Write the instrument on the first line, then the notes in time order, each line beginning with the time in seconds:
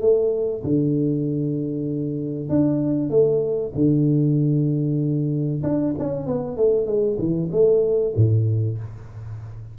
tuba
0.00 A3
0.64 D3
2.49 D4
3.10 A3
3.75 D3
5.63 D4
5.98 C#4
6.26 B3
6.56 A3
6.86 G#3
7.18 E3
7.51 A3
8.16 A2